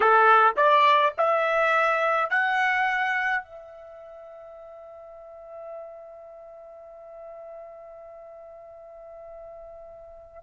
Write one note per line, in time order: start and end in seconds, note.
0.00 0.54 A4
0.56 1.13 D5
1.17 2.30 E5
2.30 3.43 F#5
3.43 10.43 E5